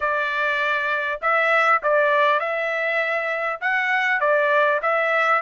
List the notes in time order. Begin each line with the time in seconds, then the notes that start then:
0.00 D5
1.21 E5
1.82 D5
2.39 E5
3.61 F#5
4.20 D5
4.82 E5